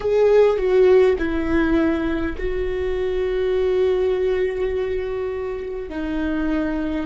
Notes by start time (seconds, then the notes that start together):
0.00 G#4
0.57 F#4
1.18 E4
2.37 F#4
5.89 D#4